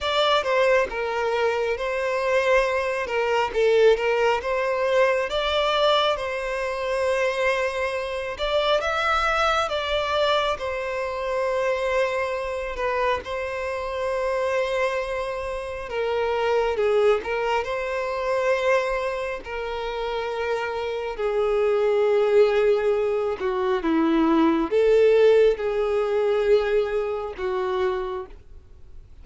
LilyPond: \new Staff \with { instrumentName = "violin" } { \time 4/4 \tempo 4 = 68 d''8 c''8 ais'4 c''4. ais'8 | a'8 ais'8 c''4 d''4 c''4~ | c''4. d''8 e''4 d''4 | c''2~ c''8 b'8 c''4~ |
c''2 ais'4 gis'8 ais'8 | c''2 ais'2 | gis'2~ gis'8 fis'8 e'4 | a'4 gis'2 fis'4 | }